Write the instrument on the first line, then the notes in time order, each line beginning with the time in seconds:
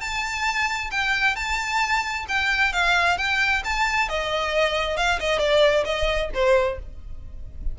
violin
0.00 A5
0.91 G5
1.35 A5
2.28 G5
2.73 F5
3.17 G5
3.64 A5
4.08 D#5
4.96 F5
5.19 D#5
5.38 D5
5.85 D#5
6.34 C5